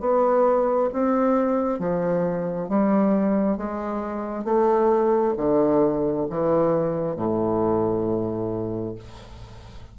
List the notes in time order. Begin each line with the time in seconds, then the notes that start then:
0.00 B3
0.93 C4
1.79 F3
2.69 G3
3.57 G#3
4.44 A3
5.37 D3
6.30 E3
7.16 A2